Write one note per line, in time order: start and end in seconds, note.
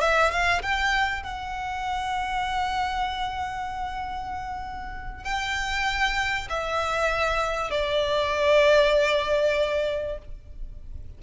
0.00 0.31 E5
0.31 0.62 F5
0.62 1.23 G5
1.23 5.24 F#5
5.24 6.48 G5
6.49 7.70 E5
7.70 10.18 D5